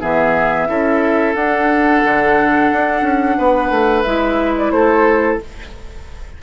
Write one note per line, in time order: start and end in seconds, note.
0.00 0.68 E3
0.00 0.66 B3
0.00 0.68 G#4
0.00 1.34 E5
0.66 1.34 C#4
0.66 1.34 E4
0.66 3.37 A4
1.34 2.02 D4
1.34 4.06 D4
1.34 4.03 F#5
2.04 2.71 D3
2.71 3.02 D4
3.02 3.35 C#4
3.37 3.70 B3
3.37 4.72 B4
3.70 4.04 A3
4.03 4.71 G#3
4.03 5.41 E4
4.03 4.53 E5
4.57 4.71 D5
4.71 5.38 A3
4.71 5.42 A4
4.71 5.38 C5